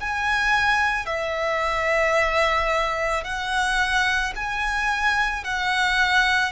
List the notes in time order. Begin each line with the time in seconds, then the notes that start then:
0.00 G#5
1.06 E5
3.24 F#5
4.35 G#5
5.44 F#5